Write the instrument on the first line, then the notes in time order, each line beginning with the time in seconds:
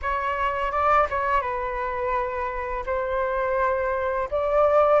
flute
0.02 C#5
0.71 D5
1.10 C#5
1.41 B4
2.86 C5
4.31 D5